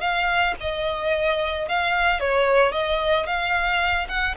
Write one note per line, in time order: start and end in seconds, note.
0.00 0.54 F5
0.60 1.68 D#5
1.68 2.20 F5
2.20 2.72 C#5
2.72 3.26 D#5
3.26 4.07 F5
4.08 4.35 F#5